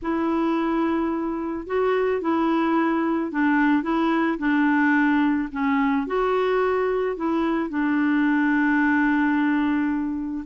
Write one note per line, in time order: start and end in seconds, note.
0.02 1.67 E4
1.67 2.21 F#4
2.21 3.31 E4
3.31 3.83 D4
3.83 4.38 E4
4.38 5.48 D4
5.51 6.07 C#4
6.07 7.16 F#4
7.16 7.69 E4
7.69 10.44 D4